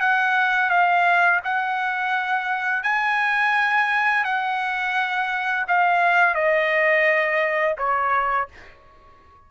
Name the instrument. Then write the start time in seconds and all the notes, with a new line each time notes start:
trumpet
0.00 F#5
0.70 F5
1.44 F#5
2.83 G#5
4.24 F#5
5.67 F5
6.34 D#5
7.77 C#5